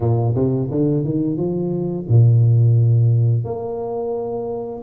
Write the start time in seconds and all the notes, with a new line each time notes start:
0.00 A#2
0.35 C3
0.71 D3
1.04 D#3
1.36 F3
2.08 A#2
3.44 A#3